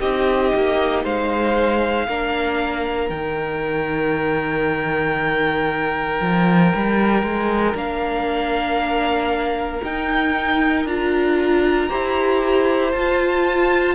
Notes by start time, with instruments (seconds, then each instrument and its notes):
0.00 cello C4, viola D#4, violin G4 D#5
0.54 cello A#3
1.03 cello G#3, violin C5 F5
2.07 cello A#3, viola D4, violin A#4
3.09 cello D#3, viola D#4, violin G5
6.20 cello F3
6.75 cello G3
7.22 cello G#3
7.74 cello A#3, viola D4, violin F5
9.83 cello D#4, viola D#4, violin G5
10.85 cello D4, viola F4, violin A#5
11.89 cello E4, viola G4, violin C5
12.91 cello F4, viola F4, violin A5